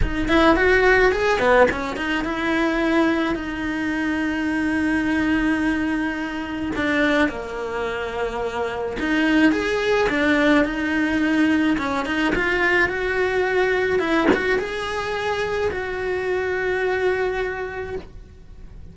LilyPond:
\new Staff \with { instrumentName = "cello" } { \time 4/4 \tempo 4 = 107 dis'8 e'8 fis'4 gis'8 b8 cis'8 dis'8 | e'2 dis'2~ | dis'1 | d'4 ais2. |
dis'4 gis'4 d'4 dis'4~ | dis'4 cis'8 dis'8 f'4 fis'4~ | fis'4 e'8 fis'8 gis'2 | fis'1 | }